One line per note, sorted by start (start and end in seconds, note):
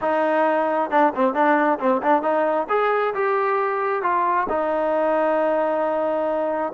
0.01 0.90 D#4
0.90 1.12 D4
1.15 1.34 C4
1.34 1.78 D4
1.79 2.01 C4
2.02 2.22 D4
2.22 2.67 D#4
2.69 3.13 G#4
3.14 4.02 G4
4.02 4.47 F4
4.49 6.72 D#4